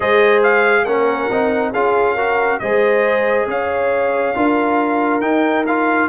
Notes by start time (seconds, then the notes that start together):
0.00 G#3 G#4 C5 D#5
0.43 F5
0.84 A#3 C#4 A#4 F#5
1.30 C4 D#4
1.71 C#4 F4 G#4 F5
2.14 F#4 A#4
2.59 G#3 G#4 C5 D#5
3.47 C#4 C#5 F5
4.34 D4 F4 A#4
5.20 D#4 G5
5.66 F4 F5